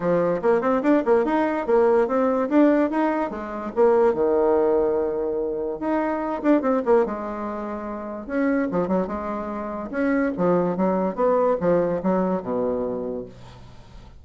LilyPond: \new Staff \with { instrumentName = "bassoon" } { \time 4/4 \tempo 4 = 145 f4 ais8 c'8 d'8 ais8 dis'4 | ais4 c'4 d'4 dis'4 | gis4 ais4 dis2~ | dis2 dis'4. d'8 |
c'8 ais8 gis2. | cis'4 f8 fis8 gis2 | cis'4 f4 fis4 b4 | f4 fis4 b,2 | }